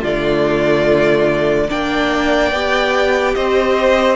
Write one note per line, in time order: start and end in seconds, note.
0.00 1.70 D3
0.00 1.69 A3
0.00 1.67 F4
0.00 1.71 D5
1.69 2.52 A#3
1.69 2.53 D4
1.69 3.36 D5
1.69 3.35 G5
2.52 3.35 B3
2.52 4.16 G4
3.35 4.16 C4
3.35 4.16 C5
3.35 4.16 D#5